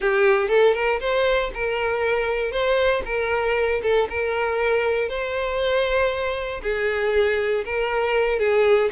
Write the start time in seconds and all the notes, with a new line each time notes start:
0.00 G4
0.48 A4
0.74 A#4
0.99 C5
1.53 A#4
2.51 C5
3.05 A#4
3.82 A4
4.09 A#4
5.08 C5
6.62 G#4
7.65 A#4
8.39 G#4